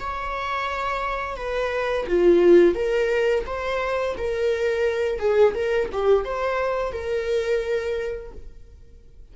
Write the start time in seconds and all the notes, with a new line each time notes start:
0.00 C#5
1.37 B4
2.07 F4
2.75 A#4
3.46 C5
4.18 A#4
5.19 G#4
5.55 A#4
5.92 G4
6.25 C5
6.93 A#4